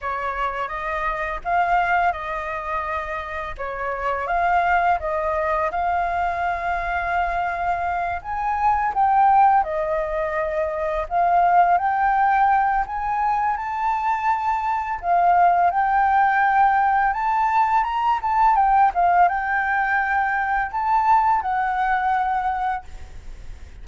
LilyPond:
\new Staff \with { instrumentName = "flute" } { \time 4/4 \tempo 4 = 84 cis''4 dis''4 f''4 dis''4~ | dis''4 cis''4 f''4 dis''4 | f''2.~ f''8 gis''8~ | gis''8 g''4 dis''2 f''8~ |
f''8 g''4. gis''4 a''4~ | a''4 f''4 g''2 | a''4 ais''8 a''8 g''8 f''8 g''4~ | g''4 a''4 fis''2 | }